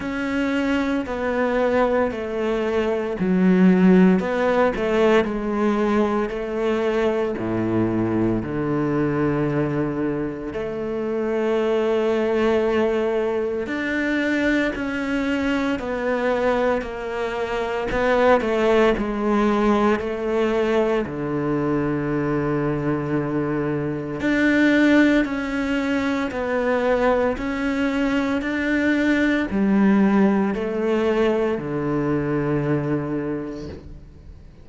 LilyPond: \new Staff \with { instrumentName = "cello" } { \time 4/4 \tempo 4 = 57 cis'4 b4 a4 fis4 | b8 a8 gis4 a4 a,4 | d2 a2~ | a4 d'4 cis'4 b4 |
ais4 b8 a8 gis4 a4 | d2. d'4 | cis'4 b4 cis'4 d'4 | g4 a4 d2 | }